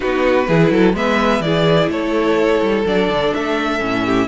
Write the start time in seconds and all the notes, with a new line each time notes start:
0.00 B3 D#4 F#4 B4
0.47 E3 E4 G#4
0.70 F#3 A4
0.93 G#3 B3 B4 E5
1.40 E3 E4 G#4 D5
1.89 A3 A4 C#5
2.61 G3
2.85 F#3 D4 D5
3.08 D3
3.33 A3 E5
3.79 A2 C#4
4.04 G4